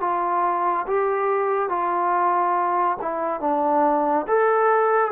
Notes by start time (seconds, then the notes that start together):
0.00 F4
0.87 G4
1.69 F4
3.02 E4
3.41 D4
4.27 A4